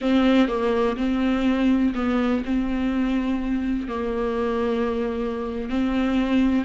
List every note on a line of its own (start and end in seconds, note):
0.01 0.48 C4
0.48 0.96 A#3
0.97 1.93 C4
1.95 2.43 B3
2.45 3.88 C4
3.88 5.69 A#3
5.69 6.64 C4